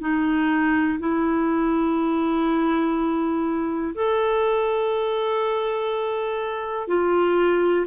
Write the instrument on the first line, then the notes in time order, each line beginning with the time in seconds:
clarinet
0.00 D#4
0.99 E4
3.94 A4
6.87 F4